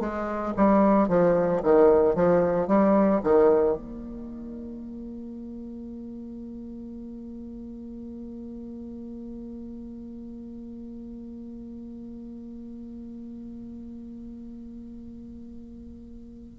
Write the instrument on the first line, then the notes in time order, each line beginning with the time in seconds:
bassoon
0.00 G#3
0.57 G3
1.09 F3
1.63 D#3
2.15 F3
2.68 G3
3.24 D#3
3.77 A#3